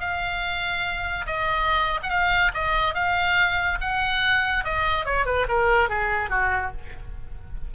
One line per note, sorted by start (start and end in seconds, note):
0.00 1.26 F5
1.26 2.00 D#5
2.03 2.09 F#5
2.09 2.51 F5
2.54 2.94 D#5
2.94 3.78 F5
3.81 4.64 F#5
4.64 5.05 D#5
5.05 5.25 C#5
5.25 5.46 B4
5.48 5.89 A#4
5.89 6.30 G#4
6.30 6.72 F#4